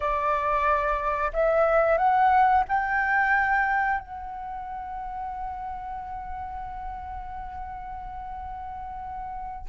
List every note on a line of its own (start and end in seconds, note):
0.00 1.31 D5
1.33 1.97 E5
1.97 2.64 F#5
2.68 4.00 G5
4.00 9.66 F#5